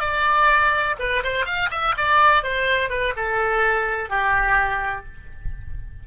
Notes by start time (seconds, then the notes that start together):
0.00 D5
0.99 B4
1.23 C5
1.45 F5
1.71 E5
1.97 D5
2.43 C5
2.89 B4
3.16 A4
4.10 G4